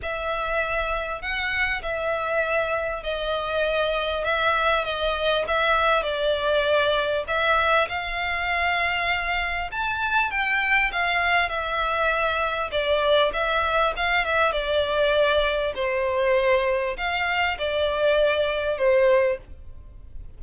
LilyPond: \new Staff \with { instrumentName = "violin" } { \time 4/4 \tempo 4 = 99 e''2 fis''4 e''4~ | e''4 dis''2 e''4 | dis''4 e''4 d''2 | e''4 f''2. |
a''4 g''4 f''4 e''4~ | e''4 d''4 e''4 f''8 e''8 | d''2 c''2 | f''4 d''2 c''4 | }